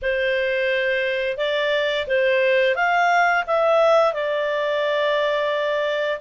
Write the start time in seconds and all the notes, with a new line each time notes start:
0.02 C5
1.37 D5
2.07 C5
2.75 F5
3.47 E5
4.13 D5